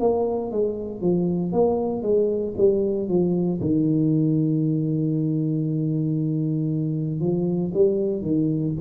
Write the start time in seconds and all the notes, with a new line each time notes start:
0.00 A#3
0.52 G#3
1.01 F3
1.52 A#3
2.02 G#3
2.57 G3
3.08 F3
3.61 D#3
7.20 F3
7.74 G3
8.22 D#3